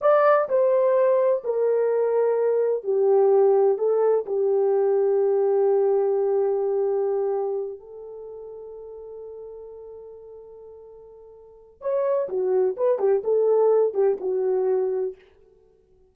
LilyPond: \new Staff \with { instrumentName = "horn" } { \time 4/4 \tempo 4 = 127 d''4 c''2 ais'4~ | ais'2 g'2 | a'4 g'2.~ | g'1~ |
g'8 a'2.~ a'8~ | a'1~ | a'4 cis''4 fis'4 b'8 g'8 | a'4. g'8 fis'2 | }